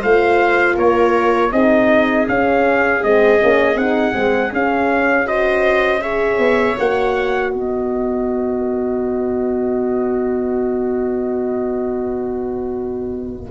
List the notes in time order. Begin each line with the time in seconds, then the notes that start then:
0.00 A3 F4 C5 F5
0.77 A#3 A#4 C#5
1.52 C4 D#4 G#4 D#5
2.28 C#4 F5
3.03 G#3 C4 D#5
3.39 A#3 C#4
3.76 C4 D#4 F#5
4.13 G#3 C4
4.52 C#4 F5
5.26 F#4 C5 D#5
6.02 G#4 C#5 E5
6.39 B3
6.78 A#3 F#4 F#5
7.50 B3 B4 D#5